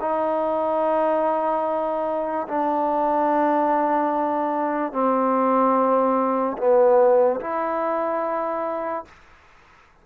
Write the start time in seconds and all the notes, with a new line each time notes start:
0.00 D#4
2.48 D4
4.92 C4
6.58 B3
7.40 E4